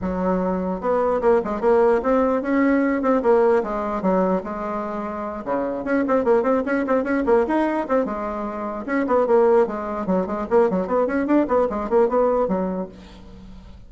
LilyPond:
\new Staff \with { instrumentName = "bassoon" } { \time 4/4 \tempo 4 = 149 fis2 b4 ais8 gis8 | ais4 c'4 cis'4. c'8 | ais4 gis4 fis4 gis4~ | gis4. cis4 cis'8 c'8 ais8 |
c'8 cis'8 c'8 cis'8 ais8 dis'4 c'8 | gis2 cis'8 b8 ais4 | gis4 fis8 gis8 ais8 fis8 b8 cis'8 | d'8 b8 gis8 ais8 b4 fis4 | }